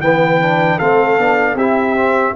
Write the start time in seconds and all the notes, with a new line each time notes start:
0.00 E3 B3 B4 G5
0.41 D4
0.78 A3 C4 A4 F5
1.18 B3 D4
1.55 C4 E4 G4 E5
1.95 C4